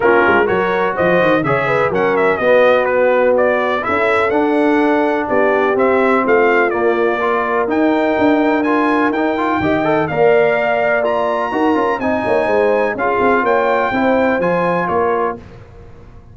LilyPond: <<
  \new Staff \with { instrumentName = "trumpet" } { \time 4/4 \tempo 4 = 125 ais'4 cis''4 dis''4 e''4 | fis''8 e''8 dis''4 b'4 d''4 | e''4 fis''2 d''4 | e''4 f''4 d''2 |
g''2 gis''4 g''4~ | g''4 f''2 ais''4~ | ais''4 gis''2 f''4 | g''2 gis''4 cis''4 | }
  \new Staff \with { instrumentName = "horn" } { \time 4/4 f'4 ais'4 c''4 cis''8 b'8 | ais'4 fis'2. | a'2. g'4~ | g'4 f'2 ais'4~ |
ais'1 | dis''4 d''2. | ais'4 dis''8 cis''8 c''4 gis'4 | cis''4 c''2 ais'4 | }
  \new Staff \with { instrumentName = "trombone" } { \time 4/4 cis'4 fis'2 gis'4 | cis'4 b2. | e'4 d'2. | c'2 ais4 f'4 |
dis'2 f'4 dis'8 f'8 | g'8 a'8 ais'2 f'4 | fis'8 f'8 dis'2 f'4~ | f'4 e'4 f'2 | }
  \new Staff \with { instrumentName = "tuba" } { \time 4/4 ais8 gis8 fis4 f8 dis8 cis4 | fis4 b2. | cis'4 d'2 b4 | c'4 a4 ais2 |
dis'4 d'2 dis'4 | dis4 ais2. | dis'8 cis'8 c'8 ais8 gis4 cis'8 c'8 | ais4 c'4 f4 ais4 | }
>>